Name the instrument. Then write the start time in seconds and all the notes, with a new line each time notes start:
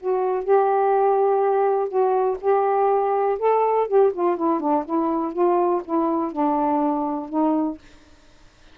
saxophone
0.00 F#4
0.44 G4
1.88 F#4
2.41 G4
3.39 A4
3.87 G4
4.13 F4
4.37 E4
4.60 D4
4.85 E4
5.33 F4
5.84 E4
6.32 D4
7.29 D#4